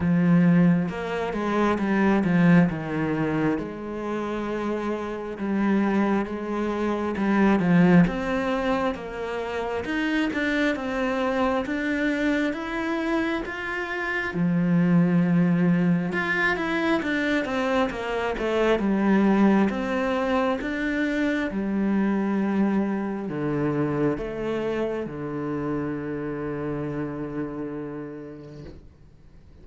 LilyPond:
\new Staff \with { instrumentName = "cello" } { \time 4/4 \tempo 4 = 67 f4 ais8 gis8 g8 f8 dis4 | gis2 g4 gis4 | g8 f8 c'4 ais4 dis'8 d'8 | c'4 d'4 e'4 f'4 |
f2 f'8 e'8 d'8 c'8 | ais8 a8 g4 c'4 d'4 | g2 d4 a4 | d1 | }